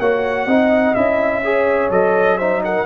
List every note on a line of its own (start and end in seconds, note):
0.00 0.46 A#3
0.00 0.50 F#4
0.00 0.47 C#5
0.00 0.95 F#5
0.46 0.94 C4
0.46 0.95 D#4
0.46 1.43 D#5
0.95 1.90 C#4
0.95 1.43 E4
0.95 1.90 E5
1.44 1.91 G#4
1.44 2.38 C#5
1.90 2.85 F#3
1.90 2.39 A4
1.90 2.38 D#5
2.38 2.86 D#4
2.38 2.62 C5
2.38 2.62 E5
2.65 2.86 A#4
2.65 2.86 F#5